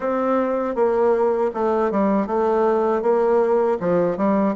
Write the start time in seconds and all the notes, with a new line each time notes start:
0.00 C4
0.75 A#3
1.54 A3
1.91 G3
2.26 A3
3.02 A#3
3.79 F3
4.17 G3